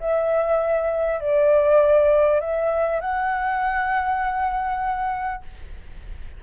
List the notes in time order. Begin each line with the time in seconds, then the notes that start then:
0.00 E5
1.21 D5
2.40 E5
3.01 F#5